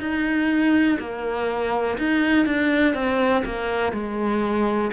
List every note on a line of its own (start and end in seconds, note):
0.00 0.98 D#4
0.99 1.98 A#3
1.98 2.46 D#4
2.46 2.94 D4
2.94 3.43 C4
3.45 3.93 A#3
3.93 4.91 G#3